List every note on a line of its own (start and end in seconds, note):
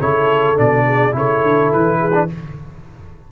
0.00 0.59 C#3
0.00 0.56 E4
0.00 0.86 A4
0.00 0.58 C#5
0.56 1.15 B2
0.56 1.12 D4
0.56 1.17 D5
0.87 1.15 G#4
1.12 1.43 C#3
1.12 2.12 E4
1.12 2.00 A4
1.12 1.73 C#5
1.43 1.72 D3
1.73 2.32 E3
1.73 2.30 B4
2.00 2.28 G#4
2.13 2.28 D4